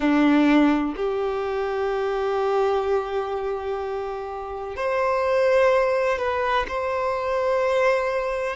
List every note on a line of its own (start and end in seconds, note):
0.00 0.94 D4
0.96 4.76 G4
4.76 6.18 C5
6.18 6.66 B4
6.68 8.56 C5